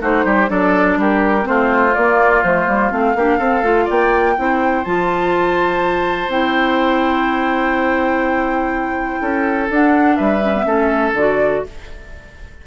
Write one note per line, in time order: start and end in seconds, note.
0.00 0.25 A3
0.00 0.47 D#4
0.00 0.25 F#4
0.00 0.50 C5
0.25 0.49 G3
0.25 0.49 G4
0.47 0.97 F#3
0.47 1.42 D4
0.47 0.98 A4
0.47 0.98 D5
0.97 1.45 G3
0.97 1.48 G4
0.97 1.46 A#4
1.42 1.96 A3
1.42 1.90 C4
1.42 1.94 C5
1.48 3.16 F4
1.94 2.43 A#3
1.94 2.44 A#3
1.94 2.43 D5
2.43 2.67 F3
2.43 2.67 A3
2.43 2.91 C5
2.67 2.91 G3
2.67 2.91 A#3
2.91 3.15 A3
2.91 3.15 C4
2.91 3.88 F5
3.15 3.39 A#3
3.15 3.39 D4
3.15 3.38 G4
3.38 3.63 C4
3.38 3.85 A4
3.63 3.87 A3
3.63 4.36 F4
3.85 4.38 A#3
3.85 4.33 D5
3.85 4.84 G5
4.37 4.85 C4
4.37 4.85 E4
4.37 9.21 C5
4.84 6.28 F3
4.84 6.30 F4
4.84 6.29 A5
6.28 9.18 C4
6.28 9.69 E4
6.28 9.69 G5
9.21 9.69 C#4
9.21 10.16 A4
9.69 10.18 D4
9.69 10.42 D4
9.69 10.15 F#5
10.15 10.65 G3
10.15 10.64 B4
10.15 11.12 E5
10.42 10.54 C#4
10.54 10.65 B3
10.65 11.13 A3
10.65 11.13 C#4
10.65 11.64 A4
11.13 11.61 D3
11.13 11.66 F#4
11.13 11.66 D5